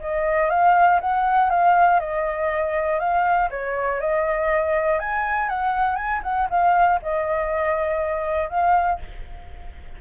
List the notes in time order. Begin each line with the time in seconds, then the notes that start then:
0.00 D#5
0.50 F5
1.01 F#5
1.50 F5
2.00 D#5
3.00 F5
3.51 C#5
4.01 D#5
5.00 G#5
5.50 F#5
5.96 G#5
6.23 F#5
6.50 F5
7.02 D#5
8.50 F5